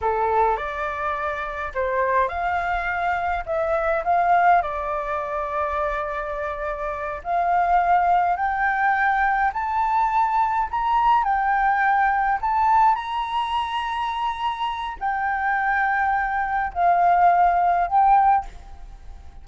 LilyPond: \new Staff \with { instrumentName = "flute" } { \time 4/4 \tempo 4 = 104 a'4 d''2 c''4 | f''2 e''4 f''4 | d''1~ | d''8 f''2 g''4.~ |
g''8 a''2 ais''4 g''8~ | g''4. a''4 ais''4.~ | ais''2 g''2~ | g''4 f''2 g''4 | }